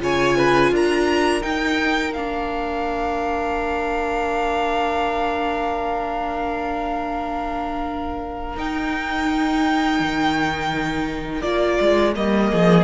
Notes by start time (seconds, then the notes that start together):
0.00 C#3 F4 C#5 G#5
0.37 B4
0.72 D4 A#4 A#5
1.42 D#4 G5
2.13 A#3 D4 F5
8.57 D#4 G5
10.00 D#3
11.42 A#3 F4 D5
11.81 G#3
12.15 G3 A#3 D#5
12.51 F3 G#4